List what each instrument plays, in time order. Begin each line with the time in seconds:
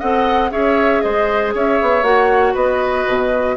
0.00 bassoon C4, clarinet A4, oboe D#5, flute F#5
0.51 bassoon C#4, clarinet G#4, oboe C#5, flute E5
1.01 bassoon G#3, oboe C5, flute D#5
1.55 bassoon C#4, oboe C#5, flute E5
1.82 bassoon B3
2.03 bassoon A#3, clarinet F#4, flute F#5
2.54 bassoon B3, oboe B4, flute D#5
3.08 bassoon B2